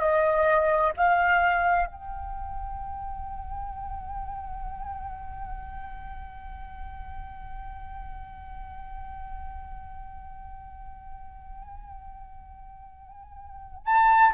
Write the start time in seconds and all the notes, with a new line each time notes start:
0.00 D#5
0.97 F5
1.86 G5
13.86 A5